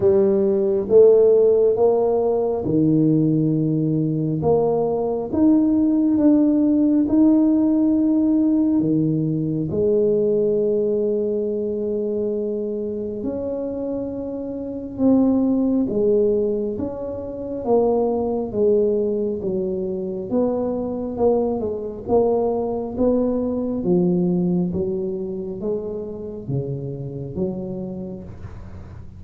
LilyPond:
\new Staff \with { instrumentName = "tuba" } { \time 4/4 \tempo 4 = 68 g4 a4 ais4 dis4~ | dis4 ais4 dis'4 d'4 | dis'2 dis4 gis4~ | gis2. cis'4~ |
cis'4 c'4 gis4 cis'4 | ais4 gis4 fis4 b4 | ais8 gis8 ais4 b4 f4 | fis4 gis4 cis4 fis4 | }